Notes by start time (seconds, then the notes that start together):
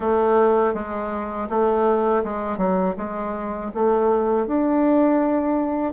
0.00 A3
0.74 G#3
1.49 A3
2.24 G#3
2.57 F#3
2.97 G#3
3.74 A3
4.46 D4